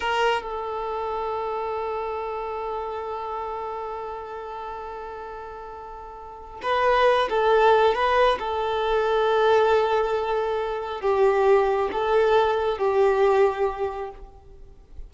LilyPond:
\new Staff \with { instrumentName = "violin" } { \time 4/4 \tempo 4 = 136 ais'4 a'2.~ | a'1~ | a'1~ | a'2. b'4~ |
b'8 a'4. b'4 a'4~ | a'1~ | a'4 g'2 a'4~ | a'4 g'2. | }